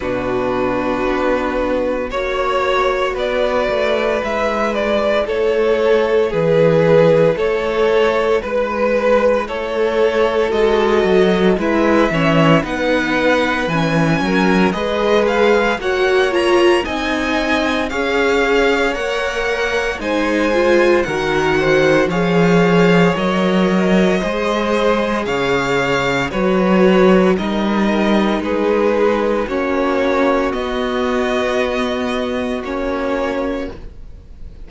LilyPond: <<
  \new Staff \with { instrumentName = "violin" } { \time 4/4 \tempo 4 = 57 b'2 cis''4 d''4 | e''8 d''8 cis''4 b'4 cis''4 | b'4 cis''4 dis''4 e''4 | fis''4 gis''4 dis''8 f''8 fis''8 ais''8 |
gis''4 f''4 fis''4 gis''4 | fis''4 f''4 dis''2 | f''4 cis''4 dis''4 b'4 | cis''4 dis''2 cis''4 | }
  \new Staff \with { instrumentName = "violin" } { \time 4/4 fis'2 cis''4 b'4~ | b'4 a'4 gis'4 a'4 | b'4 a'2 b'8 cis''8 | b'4. ais'8 b'4 cis''4 |
dis''4 cis''2 c''4 | ais'8 c''8 cis''2 c''4 | cis''4 b'4 ais'4 gis'4 | fis'1 | }
  \new Staff \with { instrumentName = "viola" } { \time 4/4 d'2 fis'2 | e'1~ | e'2 fis'4 e'8 cis'8 | dis'4 cis'4 gis'4 fis'8 f'8 |
dis'4 gis'4 ais'4 dis'8 f'8 | fis'4 gis'4 ais'4 gis'4~ | gis'4 fis'4 dis'2 | cis'4 b2 cis'4 | }
  \new Staff \with { instrumentName = "cello" } { \time 4/4 b,4 b4 ais4 b8 a8 | gis4 a4 e4 a4 | gis4 a4 gis8 fis8 gis8 e8 | b4 e8 fis8 gis4 ais4 |
c'4 cis'4 ais4 gis4 | dis4 f4 fis4 gis4 | cis4 fis4 g4 gis4 | ais4 b2 ais4 | }
>>